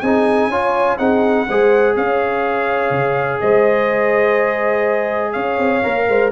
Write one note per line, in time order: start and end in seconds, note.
0.00 0.48 C4
0.00 0.51 D#4
0.00 0.50 G#4
0.00 0.97 G#5
0.48 0.97 C#4
0.48 0.98 F4
0.48 0.97 C#5
0.97 1.47 C4
0.97 1.47 D#4
0.97 1.46 G#4
0.97 1.95 F#5
1.47 1.96 G#3
1.47 5.83 G#4
1.47 1.95 C5
1.96 2.90 C#4
1.96 3.41 C#5
1.96 3.40 F5
2.90 3.39 C#3
3.40 5.35 G#3
3.40 5.32 C5
3.40 5.32 D#5
5.32 5.58 C#4
5.32 6.05 C#5
5.32 6.29 F5
5.58 5.82 C4
5.83 6.08 A#3
5.83 6.31 A#4
6.08 6.31 G#3
6.08 6.31 C5